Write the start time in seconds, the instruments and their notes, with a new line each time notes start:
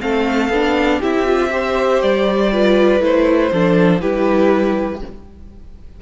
0.00 cello A3, viola C4, violin A4 F5
0.49 cello B3, viola D4
0.99 cello C4, viola E4, violin G4 E5
1.25 viola F4
1.50 viola G4, violin C5
2.01 cello G3, violin D5
2.52 viola F4, violin B4
3.00 cello A3, viola E4, violin C5
3.52 cello F3, viola D4, violin A4
4.00 cello G3, viola E4, violin G4 B4